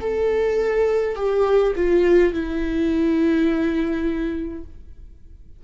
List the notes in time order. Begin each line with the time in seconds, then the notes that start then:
0.00 A4
1.15 G4
1.76 F4
2.33 E4